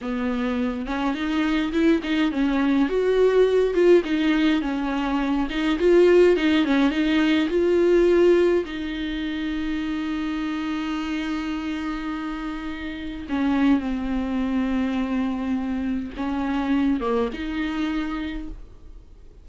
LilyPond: \new Staff \with { instrumentName = "viola" } { \time 4/4 \tempo 4 = 104 b4. cis'8 dis'4 e'8 dis'8 | cis'4 fis'4. f'8 dis'4 | cis'4. dis'8 f'4 dis'8 cis'8 | dis'4 f'2 dis'4~ |
dis'1~ | dis'2. cis'4 | c'1 | cis'4. ais8 dis'2 | }